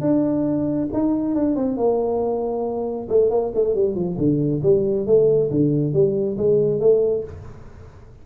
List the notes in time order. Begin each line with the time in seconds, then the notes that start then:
0.00 D4
0.93 D#4
1.34 D4
1.55 C4
1.76 A#3
3.08 A3
3.30 A#3
3.54 A3
3.74 G3
3.94 F3
4.17 D3
4.62 G3
5.06 A3
5.50 D3
5.93 G3
6.37 G#3
6.80 A3